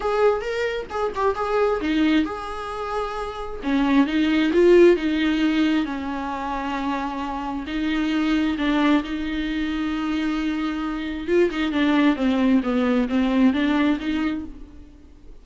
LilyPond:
\new Staff \with { instrumentName = "viola" } { \time 4/4 \tempo 4 = 133 gis'4 ais'4 gis'8 g'8 gis'4 | dis'4 gis'2. | cis'4 dis'4 f'4 dis'4~ | dis'4 cis'2.~ |
cis'4 dis'2 d'4 | dis'1~ | dis'4 f'8 dis'8 d'4 c'4 | b4 c'4 d'4 dis'4 | }